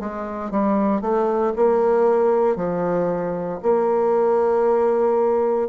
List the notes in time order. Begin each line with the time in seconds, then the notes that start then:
0.00 G#3
0.51 G3
1.02 A3
1.57 A#3
2.57 F3
3.63 A#3